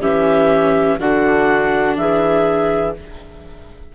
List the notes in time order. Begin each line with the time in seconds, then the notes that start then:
0.00 E3 C#4 G4 E5
0.99 D3 D4 F#4 F#5
1.97 E3 G#4 E5